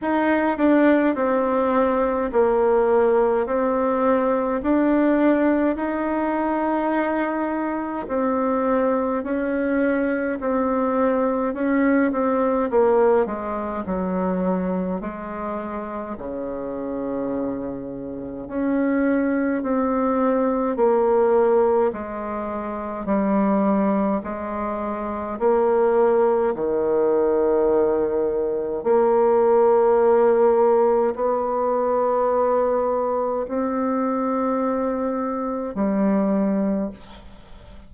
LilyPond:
\new Staff \with { instrumentName = "bassoon" } { \time 4/4 \tempo 4 = 52 dis'8 d'8 c'4 ais4 c'4 | d'4 dis'2 c'4 | cis'4 c'4 cis'8 c'8 ais8 gis8 | fis4 gis4 cis2 |
cis'4 c'4 ais4 gis4 | g4 gis4 ais4 dis4~ | dis4 ais2 b4~ | b4 c'2 g4 | }